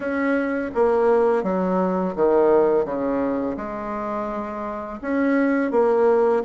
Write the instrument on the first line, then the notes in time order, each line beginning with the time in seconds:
bassoon
0.00 C#4
0.75 A#3
1.43 F#3
2.15 D#3
2.85 C#3
3.56 G#3
5.01 C#4
5.71 A#3